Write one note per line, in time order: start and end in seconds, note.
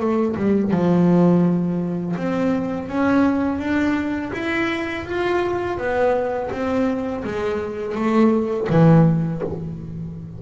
0.00 0.36 A3
0.37 0.72 G3
0.72 2.16 F3
2.17 2.89 C4
2.89 3.59 C#4
3.59 4.31 D4
4.34 5.06 E4
5.06 5.78 F4
5.78 6.50 B3
6.52 7.24 C4
7.24 7.96 G#3
7.96 8.68 A3
8.70 9.42 E3